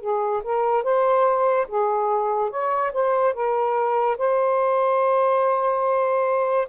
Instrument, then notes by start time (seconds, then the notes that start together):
saxophone
0.00 G#4
0.43 A#4
0.83 C5
1.67 G#4
2.50 C#5
2.93 C5
3.33 A#4
4.17 C5